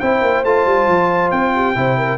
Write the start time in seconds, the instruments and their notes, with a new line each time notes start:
0.00 tuba C4, trombone E4, horn C5, trumpet G5
0.22 tuba A#3
0.43 tuba A3, trombone F4, trumpet A5
0.66 tuba G3
0.87 tuba F3
1.31 tuba C4, trumpet G5
1.55 horn G4
1.75 tuba C3, trombone E4, horn C5
1.97 horn A#4